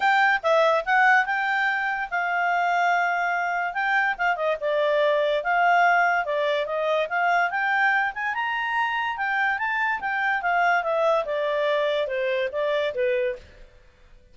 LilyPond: \new Staff \with { instrumentName = "clarinet" } { \time 4/4 \tempo 4 = 144 g''4 e''4 fis''4 g''4~ | g''4 f''2.~ | f''4 g''4 f''8 dis''8 d''4~ | d''4 f''2 d''4 |
dis''4 f''4 g''4. gis''8 | ais''2 g''4 a''4 | g''4 f''4 e''4 d''4~ | d''4 c''4 d''4 b'4 | }